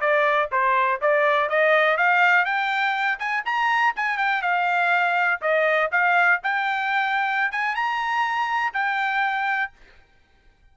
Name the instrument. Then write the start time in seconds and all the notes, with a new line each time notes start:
trumpet
0.00 D5
0.51 C5
1.01 D5
1.49 D#5
1.97 F5
2.45 G5
3.19 G#5
3.45 A#5
3.95 G#5
4.17 G5
4.42 F5
5.41 D#5
5.91 F5
6.43 G5
7.51 G#5
7.75 A#5
8.73 G5